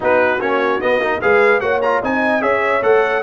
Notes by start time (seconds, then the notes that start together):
0.00 B3 D#4 F#4 B4
0.40 A#3 C#4 C#5
0.80 B3 D#5
0.99 A#3 D#4
1.21 G#3 G#4 B4 F5
1.60 A#3 F#4 C#5 F#5
1.81 F4 A#5
2.01 C4 D#4 D#5 G#5
2.40 C#4 G#4 C#5 E5
2.82 A3 A4 F#5